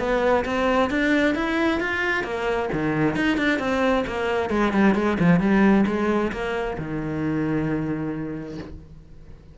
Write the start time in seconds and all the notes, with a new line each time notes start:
0.00 B3
0.46 C4
0.91 D4
1.36 E4
1.81 F4
2.24 A#3
2.73 D#3
3.16 D#4
3.38 D4
3.59 C4
4.07 A#3
4.50 G#3
4.73 G3
4.95 G#3
5.20 F3
5.40 G3
5.87 G#3
6.33 A#3
6.78 D#3